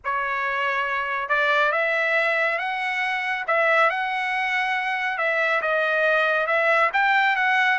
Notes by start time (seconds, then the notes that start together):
0.04 C#5
1.28 D5
1.72 E5
2.58 F#5
3.47 E5
3.90 F#5
5.17 E5
5.61 D#5
6.46 E5
6.93 G5
7.36 F#5